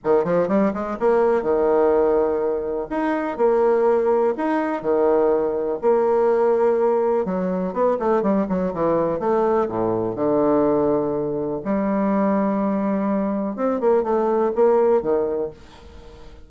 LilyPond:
\new Staff \with { instrumentName = "bassoon" } { \time 4/4 \tempo 4 = 124 dis8 f8 g8 gis8 ais4 dis4~ | dis2 dis'4 ais4~ | ais4 dis'4 dis2 | ais2. fis4 |
b8 a8 g8 fis8 e4 a4 | a,4 d2. | g1 | c'8 ais8 a4 ais4 dis4 | }